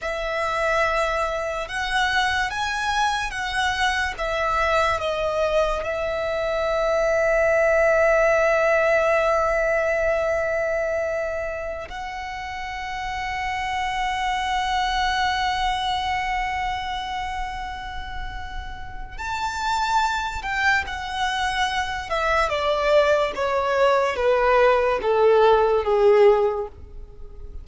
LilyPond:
\new Staff \with { instrumentName = "violin" } { \time 4/4 \tempo 4 = 72 e''2 fis''4 gis''4 | fis''4 e''4 dis''4 e''4~ | e''1~ | e''2~ e''16 fis''4.~ fis''16~ |
fis''1~ | fis''2. a''4~ | a''8 g''8 fis''4. e''8 d''4 | cis''4 b'4 a'4 gis'4 | }